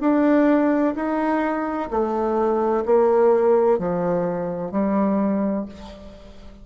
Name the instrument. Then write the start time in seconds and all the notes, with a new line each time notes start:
bassoon
0.00 D4
0.95 D#4
1.90 A3
2.85 A#3
3.78 F3
4.71 G3